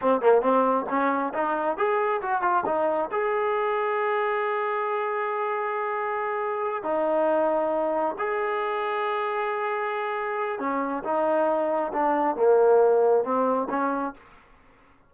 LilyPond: \new Staff \with { instrumentName = "trombone" } { \time 4/4 \tempo 4 = 136 c'8 ais8 c'4 cis'4 dis'4 | gis'4 fis'8 f'8 dis'4 gis'4~ | gis'1~ | gis'2.~ gis'8 dis'8~ |
dis'2~ dis'8 gis'4.~ | gis'1 | cis'4 dis'2 d'4 | ais2 c'4 cis'4 | }